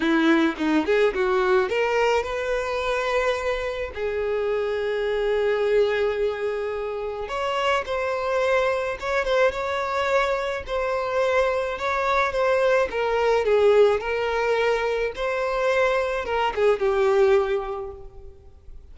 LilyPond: \new Staff \with { instrumentName = "violin" } { \time 4/4 \tempo 4 = 107 e'4 dis'8 gis'8 fis'4 ais'4 | b'2. gis'4~ | gis'1~ | gis'4 cis''4 c''2 |
cis''8 c''8 cis''2 c''4~ | c''4 cis''4 c''4 ais'4 | gis'4 ais'2 c''4~ | c''4 ais'8 gis'8 g'2 | }